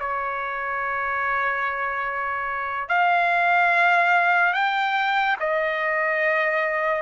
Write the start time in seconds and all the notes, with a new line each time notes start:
0.00 C#5
2.89 F5
4.53 G5
5.40 D#5